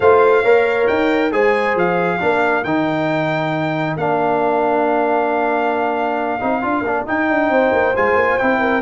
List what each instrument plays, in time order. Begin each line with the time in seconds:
0.00 tuba A3, trombone F4, horn C5, trumpet F5
0.42 tuba A#3, trombone A#4, horn C#5
0.87 tuba D#4, trumpet G5
1.31 tuba G#3, trombone G#4, horn C5, trumpet G#5
1.75 tuba F3, trumpet F5
2.19 tuba A#3, trombone D4, horn A#4
2.64 tuba D#3, trombone D#4, trumpet G5
3.96 tuba A#3, trombone D4, trumpet F5
6.40 tuba C4, trombone D#4
6.62 tuba D4, trombone F4
6.81 tuba A#3, trombone D4
7.06 trombone D#4, tuba D#4, trumpet G5
7.29 tuba D4
7.49 tuba C4, horn C5
7.72 tuba A#3
7.95 tuba G#3, trombone F4, trumpet G#5
8.15 tuba A#3
8.37 tuba C4, trombone E4, trumpet G5
8.59 horn A#4